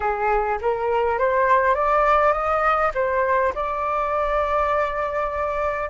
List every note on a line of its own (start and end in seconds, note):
0.00 0.58 G#4
0.61 1.18 A#4
1.18 1.74 C5
1.74 2.32 D5
2.32 2.91 D#5
2.94 3.53 C5
3.54 5.89 D5